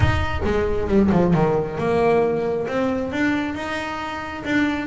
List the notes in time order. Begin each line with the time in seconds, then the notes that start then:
0.00 D#4
0.44 G#3
0.87 G3
1.11 F3
1.34 D#3
1.78 A#3
2.67 C4
3.12 D4
3.54 D#4
4.44 D4